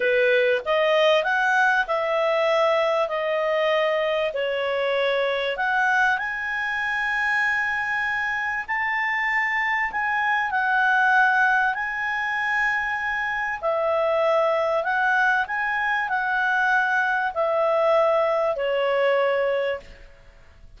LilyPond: \new Staff \with { instrumentName = "clarinet" } { \time 4/4 \tempo 4 = 97 b'4 dis''4 fis''4 e''4~ | e''4 dis''2 cis''4~ | cis''4 fis''4 gis''2~ | gis''2 a''2 |
gis''4 fis''2 gis''4~ | gis''2 e''2 | fis''4 gis''4 fis''2 | e''2 cis''2 | }